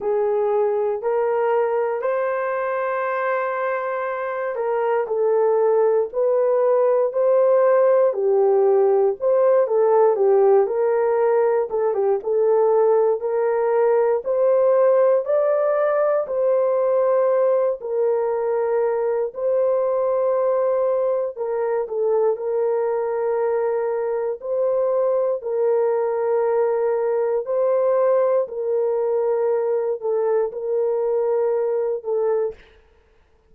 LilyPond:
\new Staff \with { instrumentName = "horn" } { \time 4/4 \tempo 4 = 59 gis'4 ais'4 c''2~ | c''8 ais'8 a'4 b'4 c''4 | g'4 c''8 a'8 g'8 ais'4 a'16 g'16 | a'4 ais'4 c''4 d''4 |
c''4. ais'4. c''4~ | c''4 ais'8 a'8 ais'2 | c''4 ais'2 c''4 | ais'4. a'8 ais'4. a'8 | }